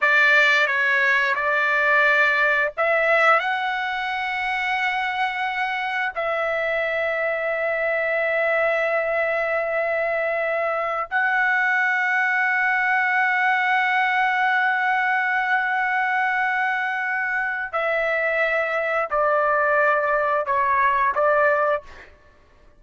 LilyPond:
\new Staff \with { instrumentName = "trumpet" } { \time 4/4 \tempo 4 = 88 d''4 cis''4 d''2 | e''4 fis''2.~ | fis''4 e''2.~ | e''1~ |
e''16 fis''2.~ fis''8.~ | fis''1~ | fis''2 e''2 | d''2 cis''4 d''4 | }